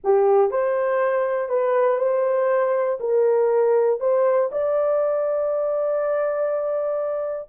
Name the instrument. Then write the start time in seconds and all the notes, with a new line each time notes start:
horn
0.03 G4
0.50 C5
1.48 B4
1.98 C5
3.00 A#4
4.00 C5
4.51 D5